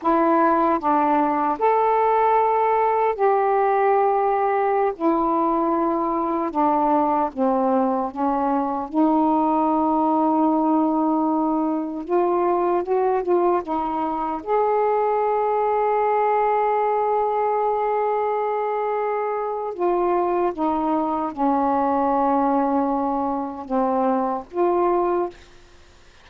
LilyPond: \new Staff \with { instrumentName = "saxophone" } { \time 4/4 \tempo 4 = 76 e'4 d'4 a'2 | g'2~ g'16 e'4.~ e'16~ | e'16 d'4 c'4 cis'4 dis'8.~ | dis'2.~ dis'16 f'8.~ |
f'16 fis'8 f'8 dis'4 gis'4.~ gis'16~ | gis'1~ | gis'4 f'4 dis'4 cis'4~ | cis'2 c'4 f'4 | }